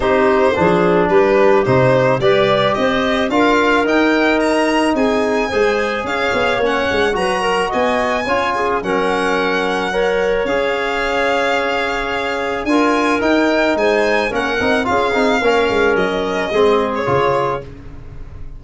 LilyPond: <<
  \new Staff \with { instrumentName = "violin" } { \time 4/4 \tempo 4 = 109 c''2 b'4 c''4 | d''4 dis''4 f''4 g''4 | ais''4 gis''2 f''4 | fis''4 ais''4 gis''2 |
fis''2. f''4~ | f''2. gis''4 | g''4 gis''4 fis''4 f''4~ | f''4 dis''4.~ dis''16 cis''4~ cis''16 | }
  \new Staff \with { instrumentName = "clarinet" } { \time 4/4 g'4 gis'4 g'2 | b'4 c''4 ais'2~ | ais'4 gis'4 c''4 cis''4~ | cis''4 b'8 ais'8 dis''4 cis''8 gis'8 |
ais'2 cis''2~ | cis''2. ais'4~ | ais'4 c''4 ais'4 gis'4 | ais'2 gis'2 | }
  \new Staff \with { instrumentName = "trombone" } { \time 4/4 dis'4 d'2 dis'4 | g'2 f'4 dis'4~ | dis'2 gis'2 | cis'4 fis'2 f'4 |
cis'2 ais'4 gis'4~ | gis'2. f'4 | dis'2 cis'8 dis'8 f'8 dis'8 | cis'2 c'4 f'4 | }
  \new Staff \with { instrumentName = "tuba" } { \time 4/4 c'4 f4 g4 c4 | g4 c'4 d'4 dis'4~ | dis'4 c'4 gis4 cis'8 b8 | ais8 gis8 fis4 b4 cis'4 |
fis2. cis'4~ | cis'2. d'4 | dis'4 gis4 ais8 c'8 cis'8 c'8 | ais8 gis8 fis4 gis4 cis4 | }
>>